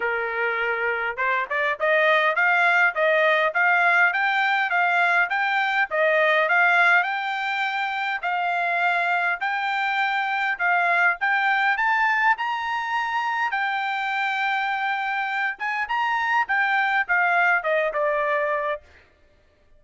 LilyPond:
\new Staff \with { instrumentName = "trumpet" } { \time 4/4 \tempo 4 = 102 ais'2 c''8 d''8 dis''4 | f''4 dis''4 f''4 g''4 | f''4 g''4 dis''4 f''4 | g''2 f''2 |
g''2 f''4 g''4 | a''4 ais''2 g''4~ | g''2~ g''8 gis''8 ais''4 | g''4 f''4 dis''8 d''4. | }